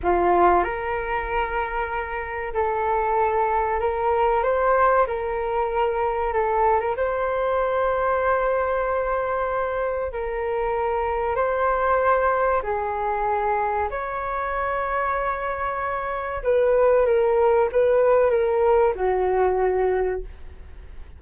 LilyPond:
\new Staff \with { instrumentName = "flute" } { \time 4/4 \tempo 4 = 95 f'4 ais'2. | a'2 ais'4 c''4 | ais'2 a'8. ais'16 c''4~ | c''1 |
ais'2 c''2 | gis'2 cis''2~ | cis''2 b'4 ais'4 | b'4 ais'4 fis'2 | }